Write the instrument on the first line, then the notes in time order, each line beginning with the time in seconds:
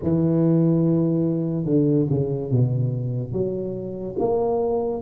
tuba
0.02 E3
1.65 D3
2.09 C#3
2.51 B2
3.32 F#3
4.19 A#3